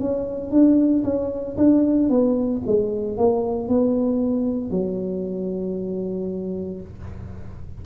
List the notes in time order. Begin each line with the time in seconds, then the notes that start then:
0.00 C#4
0.51 D4
1.04 C#4
1.57 D4
2.10 B3
2.67 G#3
3.18 A#3
3.68 B3
4.71 F#3